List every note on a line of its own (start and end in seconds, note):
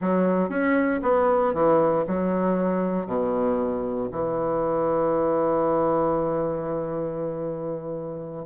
0.01 0.49 F#3
0.49 1.00 C#4
1.02 1.53 B3
1.53 2.04 E3
2.07 3.06 F#3
3.06 4.09 B2
4.11 8.45 E3